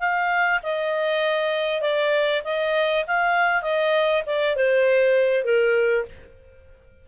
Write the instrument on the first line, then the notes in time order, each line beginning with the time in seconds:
clarinet
0.00 F5
0.63 D#5
1.82 D5
2.45 D#5
3.07 F5
3.63 D#5
4.27 D5
4.56 C5
5.45 A#4